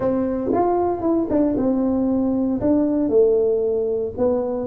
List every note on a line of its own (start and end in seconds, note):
0.00 0.51 C4
0.52 1.01 F4
1.01 1.27 E4
1.30 1.56 D4
1.56 2.60 C4
2.61 3.09 D4
3.09 4.12 A3
4.17 4.67 B3